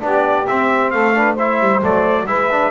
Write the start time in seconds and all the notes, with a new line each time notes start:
0.00 B3 D4 G4 D5
0.47 C4 E5
0.91 A3 A4 F5
1.14 D4 B4
1.34 E4 C5 E5
1.60 G3
1.82 F#3 A3 D5
2.26 G#3 E4 B4 E5
2.51 D4